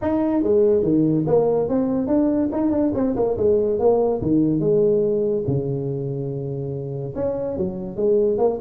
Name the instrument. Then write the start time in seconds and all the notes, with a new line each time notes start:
tuba
0.01 D#4
0.42 G#3
0.82 D#3
1.26 A#3
1.68 C4
2.07 D4
2.52 D#4
2.71 D4
2.94 C4
3.16 A#3
3.37 G#3
3.79 A#3
4.21 D#3
4.59 G#3
5.47 C#3
7.15 C#4
7.57 F#3
7.96 G#3
8.38 A#3